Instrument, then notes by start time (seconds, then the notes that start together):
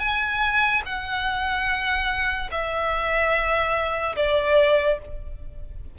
violin
0.00 G#5
0.86 F#5
2.51 E5
4.17 D5